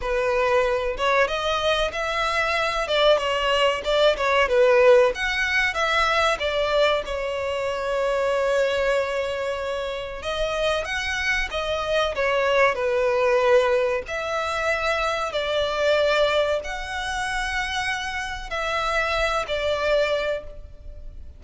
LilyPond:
\new Staff \with { instrumentName = "violin" } { \time 4/4 \tempo 4 = 94 b'4. cis''8 dis''4 e''4~ | e''8 d''8 cis''4 d''8 cis''8 b'4 | fis''4 e''4 d''4 cis''4~ | cis''1 |
dis''4 fis''4 dis''4 cis''4 | b'2 e''2 | d''2 fis''2~ | fis''4 e''4. d''4. | }